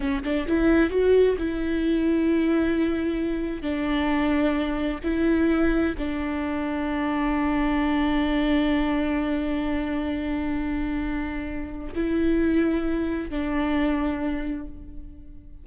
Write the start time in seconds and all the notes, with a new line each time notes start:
0.00 C#4
0.23 D4
0.47 E4
0.90 F#4
1.38 E4
3.61 D4
5.03 E4
5.98 D4
11.94 E4
13.29 D4